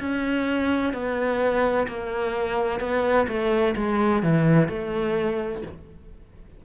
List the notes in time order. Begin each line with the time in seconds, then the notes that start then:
0.00 C#4
0.93 B3
1.88 A#3
2.80 B3
3.28 A3
3.76 G#3
4.23 E3
4.69 A3